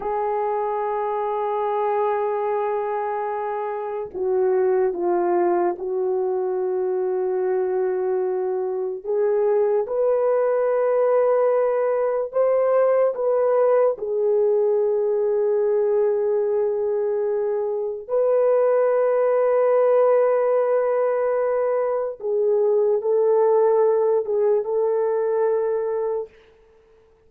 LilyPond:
\new Staff \with { instrumentName = "horn" } { \time 4/4 \tempo 4 = 73 gis'1~ | gis'4 fis'4 f'4 fis'4~ | fis'2. gis'4 | b'2. c''4 |
b'4 gis'2.~ | gis'2 b'2~ | b'2. gis'4 | a'4. gis'8 a'2 | }